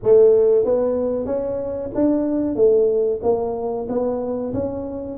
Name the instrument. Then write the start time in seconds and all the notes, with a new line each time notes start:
tuba
0.03 A3
0.64 B3
1.26 C#4
1.94 D4
2.55 A3
3.23 A#3
3.89 B3
4.53 C#4